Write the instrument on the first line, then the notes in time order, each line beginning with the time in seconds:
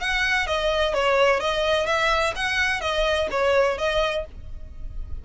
violin
0.00 F#5
0.47 D#5
0.94 C#5
1.40 D#5
1.87 E5
2.36 F#5
2.81 D#5
3.31 C#5
3.78 D#5